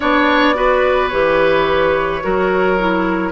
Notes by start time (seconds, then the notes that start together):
0.00 B3 D4 C#5 D5
0.54 F#4 B4
1.08 E3 G4 C#5
2.22 F#3 F#4 A#4
2.78 E4